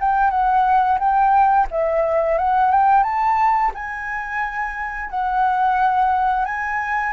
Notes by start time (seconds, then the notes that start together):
0.00 G5
0.30 F#5
0.99 G5
1.70 E5
2.38 F#5
2.71 G5
3.03 A5
3.74 G#5
5.10 F#5
6.45 G#5